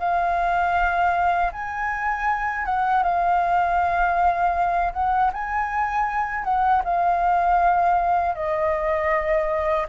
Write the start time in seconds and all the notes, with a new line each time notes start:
0.00 F5
1.53 G#5
2.66 F#5
3.03 F5
4.94 F#5
5.33 G#5
6.45 F#5
6.85 F5
8.35 D#5